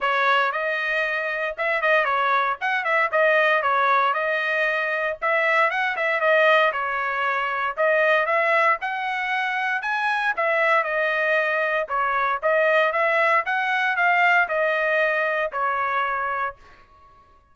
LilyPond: \new Staff \with { instrumentName = "trumpet" } { \time 4/4 \tempo 4 = 116 cis''4 dis''2 e''8 dis''8 | cis''4 fis''8 e''8 dis''4 cis''4 | dis''2 e''4 fis''8 e''8 | dis''4 cis''2 dis''4 |
e''4 fis''2 gis''4 | e''4 dis''2 cis''4 | dis''4 e''4 fis''4 f''4 | dis''2 cis''2 | }